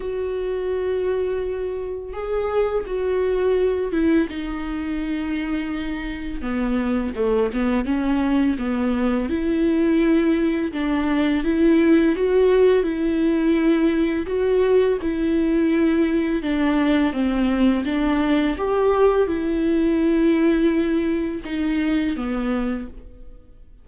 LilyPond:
\new Staff \with { instrumentName = "viola" } { \time 4/4 \tempo 4 = 84 fis'2. gis'4 | fis'4. e'8 dis'2~ | dis'4 b4 a8 b8 cis'4 | b4 e'2 d'4 |
e'4 fis'4 e'2 | fis'4 e'2 d'4 | c'4 d'4 g'4 e'4~ | e'2 dis'4 b4 | }